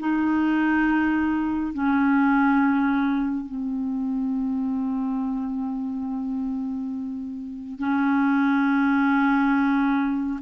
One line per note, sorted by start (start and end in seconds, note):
0.00 1.74 D#4
1.74 3.46 C#4
3.46 7.79 C4
7.79 10.40 C#4